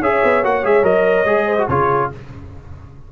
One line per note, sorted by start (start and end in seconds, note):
0.00 0.22 C#4
0.00 0.43 G#4
0.00 1.47 C#5
0.00 0.44 E5
0.24 0.43 B3
0.43 0.63 A#3
0.43 0.63 F#4
0.43 0.66 F#5
0.63 0.83 G#3
0.63 0.83 G#4
0.63 0.85 E5
0.83 1.25 F#3
0.83 1.25 A#4
0.83 1.69 D#5
1.25 1.67 G#3
1.25 1.58 G#4
1.47 1.68 C5
1.58 1.69 F#4
1.68 2.10 C#3
1.68 2.12 F4
1.68 2.11 G#4
1.68 2.11 C#5